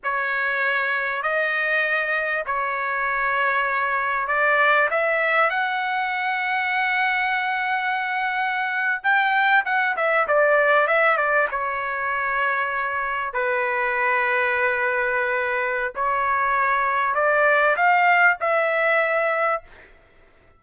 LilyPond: \new Staff \with { instrumentName = "trumpet" } { \time 4/4 \tempo 4 = 98 cis''2 dis''2 | cis''2. d''4 | e''4 fis''2.~ | fis''2~ fis''8. g''4 fis''16~ |
fis''16 e''8 d''4 e''8 d''8 cis''4~ cis''16~ | cis''4.~ cis''16 b'2~ b'16~ | b'2 cis''2 | d''4 f''4 e''2 | }